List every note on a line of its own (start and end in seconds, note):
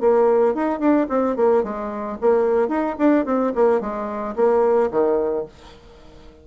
0.00 0.54 A#3
0.54 0.79 D#4
0.79 1.06 D4
1.09 1.36 C4
1.36 1.63 A#3
1.63 2.17 G#3
2.21 2.68 A#3
2.68 2.95 D#4
2.98 3.25 D4
3.25 3.52 C4
3.55 3.80 A#3
3.80 4.35 G#3
4.35 4.90 A#3
4.90 5.45 D#3